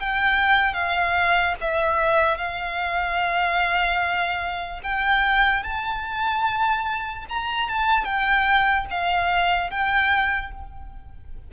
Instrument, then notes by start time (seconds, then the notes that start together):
violin
0.00 G5
0.74 F5
1.61 E5
2.38 F5
4.84 G5
5.64 A5
7.29 A#5
7.70 A5
8.05 G5
8.91 F5
9.71 G5